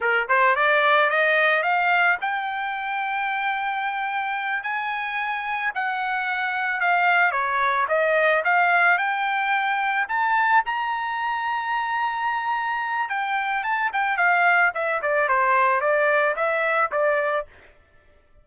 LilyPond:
\new Staff \with { instrumentName = "trumpet" } { \time 4/4 \tempo 4 = 110 ais'8 c''8 d''4 dis''4 f''4 | g''1~ | g''8 gis''2 fis''4.~ | fis''8 f''4 cis''4 dis''4 f''8~ |
f''8 g''2 a''4 ais''8~ | ais''1 | g''4 a''8 g''8 f''4 e''8 d''8 | c''4 d''4 e''4 d''4 | }